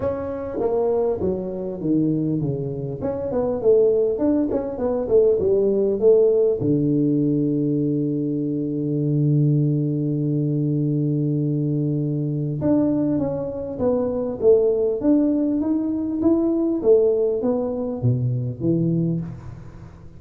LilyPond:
\new Staff \with { instrumentName = "tuba" } { \time 4/4 \tempo 4 = 100 cis'4 ais4 fis4 dis4 | cis4 cis'8 b8 a4 d'8 cis'8 | b8 a8 g4 a4 d4~ | d1~ |
d1~ | d4 d'4 cis'4 b4 | a4 d'4 dis'4 e'4 | a4 b4 b,4 e4 | }